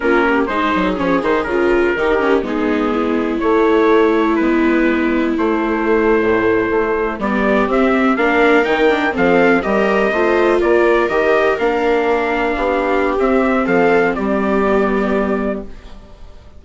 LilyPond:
<<
  \new Staff \with { instrumentName = "trumpet" } { \time 4/4 \tempo 4 = 123 ais'4 c''4 cis''8 c''8 ais'4~ | ais'4 gis'2 cis''4~ | cis''4 b'2 c''4~ | c''2~ c''8. d''4 e''16~ |
e''8. f''4 g''4 f''4 dis''16~ | dis''4.~ dis''16 d''4 dis''4 f''16~ | f''2. e''4 | f''4 d''2. | }
  \new Staff \with { instrumentName = "viola" } { \time 4/4 f'8 g'8 gis'2. | g'4 dis'4 e'2~ | e'1~ | e'2~ e'8. g'4~ g'16~ |
g'8. ais'2 a'4 ais'16~ | ais'8. c''4 ais'2~ ais'16~ | ais'4.~ ais'16 g'2~ g'16 | a'4 g'2. | }
  \new Staff \with { instrumentName = "viola" } { \time 4/4 cis'4 dis'4 cis'8 dis'8 f'4 | dis'8 cis'8 b2 a4~ | a4 b2 a4~ | a2~ a8. b4 c'16~ |
c'8. d'4 dis'8 d'8 c'4 g'16~ | g'8. f'2 g'4 d'16~ | d'2. c'4~ | c'2 b2 | }
  \new Staff \with { instrumentName = "bassoon" } { \time 4/4 ais4 gis8 fis8 f8 dis8 cis4 | dis4 gis2 a4~ | a4 gis2 a4~ | a8. a,4 a4 g4 c'16~ |
c'8. ais4 dis4 f4 g16~ | g8. a4 ais4 dis4 ais16~ | ais4.~ ais16 b4~ b16 c'4 | f4 g2. | }
>>